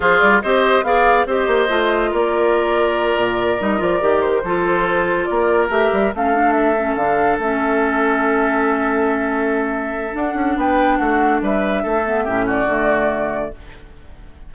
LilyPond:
<<
  \new Staff \with { instrumentName = "flute" } { \time 4/4 \tempo 4 = 142 c''8 d''8 dis''4 f''4 dis''4~ | dis''4 d''2.~ | d''8 dis''8 d''4 c''2~ | c''8 d''4 e''4 f''4 e''8~ |
e''8 f''4 e''2~ e''8~ | e''1 | fis''4 g''4 fis''4 e''4~ | e''4. d''2~ d''8 | }
  \new Staff \with { instrumentName = "oboe" } { \time 4/4 f'4 c''4 d''4 c''4~ | c''4 ais'2.~ | ais'2~ ais'8 a'4.~ | a'8 ais'2 a'4.~ |
a'1~ | a'1~ | a'4 b'4 fis'4 b'4 | a'4 g'8 fis'2~ fis'8 | }
  \new Staff \with { instrumentName = "clarinet" } { \time 4/4 gis'4 g'4 gis'4 g'4 | f'1~ | f'8 dis'8 f'8 g'4 f'4.~ | f'4. g'4 cis'8 d'4 |
cis'8 d'4 cis'2~ cis'8~ | cis'1 | d'1~ | d'8 b8 cis'4 a2 | }
  \new Staff \with { instrumentName = "bassoon" } { \time 4/4 f8 g8 c'4 b4 c'8 ais8 | a4 ais2~ ais8 ais,8~ | ais,8 g8 f8 dis4 f4.~ | f8 ais4 a8 g8 a4.~ |
a8 d4 a2~ a8~ | a1 | d'8 cis'8 b4 a4 g4 | a4 a,4 d2 | }
>>